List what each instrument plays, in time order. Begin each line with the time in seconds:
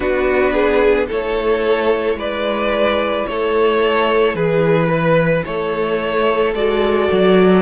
0.00 cello B3, viola D4, violin F#4 B4
0.52 violin G#4
1.07 cello A3, viola E4, violin A4 C#5
2.14 cello G#3, violin B4 D5
3.26 cello A3, violin A4 C#5
4.34 cello E3, violin G#4 B4
4.88 violin B4
5.44 cello A3, violin A4 C#5
6.54 cello G#3, viola F#4, violin D5
7.11 cello F#3